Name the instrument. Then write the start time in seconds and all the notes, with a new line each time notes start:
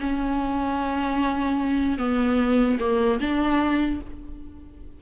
viola
0.00 C#4
1.98 B3
2.79 A#3
3.20 D4